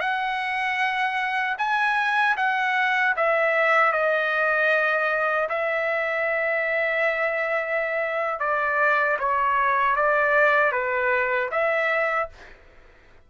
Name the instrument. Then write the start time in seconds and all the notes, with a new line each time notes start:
trumpet
0.00 F#5
1.58 G#5
2.37 F#5
3.16 E5
3.92 D#5
5.49 E5
8.39 D5
9.19 C#5
9.96 D5
10.72 B4
11.51 E5